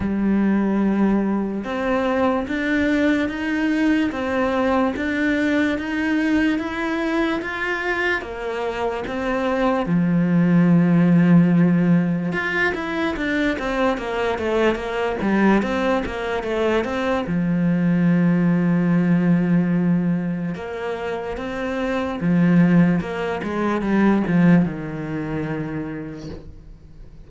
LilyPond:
\new Staff \with { instrumentName = "cello" } { \time 4/4 \tempo 4 = 73 g2 c'4 d'4 | dis'4 c'4 d'4 dis'4 | e'4 f'4 ais4 c'4 | f2. f'8 e'8 |
d'8 c'8 ais8 a8 ais8 g8 c'8 ais8 | a8 c'8 f2.~ | f4 ais4 c'4 f4 | ais8 gis8 g8 f8 dis2 | }